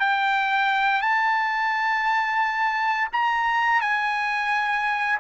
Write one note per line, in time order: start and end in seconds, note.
0.00 1.02 G5
1.02 3.08 A5
3.13 3.81 A#5
3.81 5.19 G#5